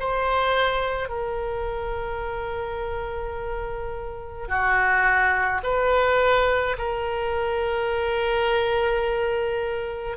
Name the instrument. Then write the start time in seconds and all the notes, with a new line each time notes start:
oboe
0.00 C5
1.09 A#4
4.48 F#4
5.63 B4
6.78 A#4